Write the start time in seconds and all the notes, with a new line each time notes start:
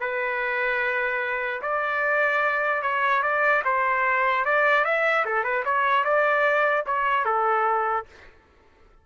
0.00 B4
1.61 D5
2.82 C#5
3.22 D5
3.64 C5
4.45 D5
4.84 E5
5.25 A4
5.43 B4
5.65 C#5
6.04 D5
6.86 C#5
7.25 A4